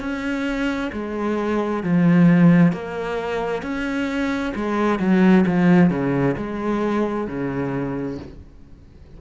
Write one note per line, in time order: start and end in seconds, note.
0.00 0.91 C#4
0.92 1.83 G#3
1.83 2.72 F3
2.72 3.62 A#3
3.62 4.53 C#4
4.55 4.99 G#3
4.99 5.45 F#3
5.47 5.90 F3
5.90 6.36 C#3
6.37 7.27 G#3
7.27 8.18 C#3